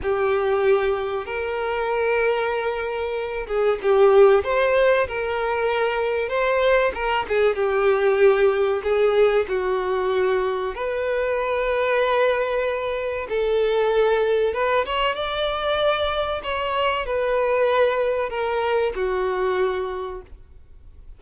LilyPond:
\new Staff \with { instrumentName = "violin" } { \time 4/4 \tempo 4 = 95 g'2 ais'2~ | ais'4. gis'8 g'4 c''4 | ais'2 c''4 ais'8 gis'8 | g'2 gis'4 fis'4~ |
fis'4 b'2.~ | b'4 a'2 b'8 cis''8 | d''2 cis''4 b'4~ | b'4 ais'4 fis'2 | }